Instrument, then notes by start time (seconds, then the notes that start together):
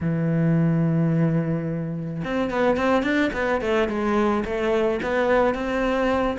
cello
0.01 E3
2.24 C4
2.50 B3
2.76 C4
3.03 D4
3.33 B3
3.61 A3
3.88 G#3
4.44 A3
5.02 B3
5.54 C4